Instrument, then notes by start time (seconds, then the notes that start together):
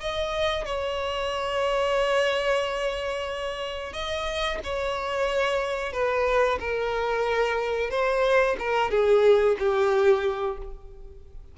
violin
0.00 D#5
0.65 C#5
3.93 D#5
4.64 C#5
5.93 B4
6.60 A#4
7.90 C5
8.59 A#4
8.90 G#4
9.58 G4